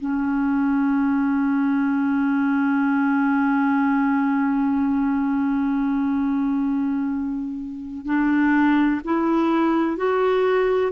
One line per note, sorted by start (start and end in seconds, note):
0.00 8.06 C#4
8.06 9.01 D4
9.05 9.97 E4
9.97 10.92 F#4